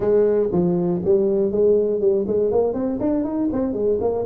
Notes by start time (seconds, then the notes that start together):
0.00 G#3
0.51 F3
1.05 G3
1.51 G#3
2.00 G3
2.27 G#3
2.51 A#3
2.73 C4
3.00 D4
3.23 D#4
3.52 C4
3.73 G#3
4.00 A#3